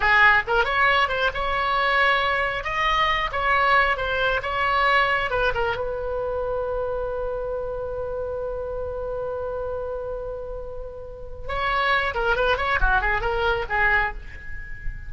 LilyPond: \new Staff \with { instrumentName = "oboe" } { \time 4/4 \tempo 4 = 136 gis'4 ais'8 cis''4 c''8 cis''4~ | cis''2 dis''4. cis''8~ | cis''4 c''4 cis''2 | b'8 ais'8 b'2.~ |
b'1~ | b'1~ | b'2 cis''4. ais'8 | b'8 cis''8 fis'8 gis'8 ais'4 gis'4 | }